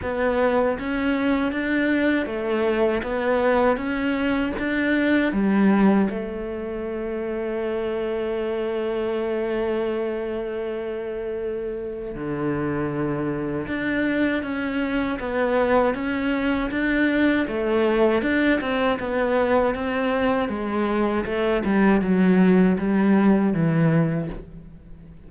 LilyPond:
\new Staff \with { instrumentName = "cello" } { \time 4/4 \tempo 4 = 79 b4 cis'4 d'4 a4 | b4 cis'4 d'4 g4 | a1~ | a1 |
d2 d'4 cis'4 | b4 cis'4 d'4 a4 | d'8 c'8 b4 c'4 gis4 | a8 g8 fis4 g4 e4 | }